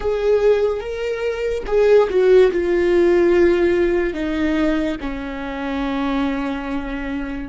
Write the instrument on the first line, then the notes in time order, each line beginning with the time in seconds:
viola
0.00 G#4
0.80 A#4
1.66 G#4
2.09 F#4
2.51 F4
4.13 D#4
5.00 C#4